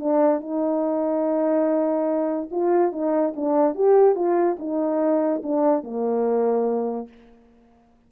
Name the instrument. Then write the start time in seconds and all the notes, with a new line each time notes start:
horn
0.00 D4
0.41 D#4
2.52 F4
2.93 D#4
3.36 D4
3.76 G4
4.16 F4
4.59 D#4
5.44 D4
5.84 A#3